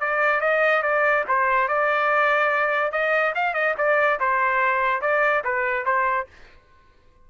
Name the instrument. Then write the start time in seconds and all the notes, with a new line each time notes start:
trumpet
0.00 D5
0.41 D#5
0.82 D5
1.28 C5
1.68 D5
2.91 D#5
3.35 F5
3.53 D#5
3.78 D5
4.20 C5
5.01 D5
5.44 B4
5.85 C5